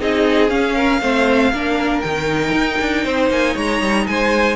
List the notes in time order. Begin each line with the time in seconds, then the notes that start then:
0.00 C4 D#4 G#4 D#5
0.49 C#4 F5
0.76 A#4
1.02 A3 C4 C5
1.53 A#3 D4 A#4
2.01 D#3 D#4 G5
2.52 D#4
2.81 D4
3.05 C4 C5
3.30 A#3 G#5
3.54 G#3 C#5 A#5
3.82 G3
4.08 G#3 C5 G#5